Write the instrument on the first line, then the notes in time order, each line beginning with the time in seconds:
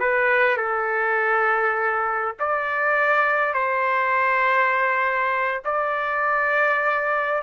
trumpet
0.00 B4
0.57 A4
2.39 D5
3.54 C5
5.65 D5